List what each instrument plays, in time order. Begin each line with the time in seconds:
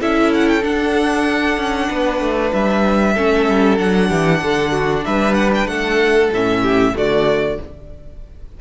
0.00 cello C#4, viola E4, violin A4 E5
0.34 violin F#5
0.48 violin G5
0.62 viola D4, cello D4, violin F#5
1.57 cello C#4
1.89 cello B3, violin B4
2.20 cello A3
2.53 cello G3, violin E5
3.14 cello A3, viola C#4, violin A4
3.49 cello G3
3.77 cello F#3, viola D4, violin F#5
4.09 cello E3, violin G4
4.42 cello D3, violin A4
4.72 violin F#4
5.05 cello G3, violin B4 E5
5.34 violin F#5
5.54 violin G5
5.67 cello A3, violin A4 F#5
6.31 cello A2, viola C#4, violin E5
6.62 violin G4
6.94 cello D3, viola A3, violin F#4 D5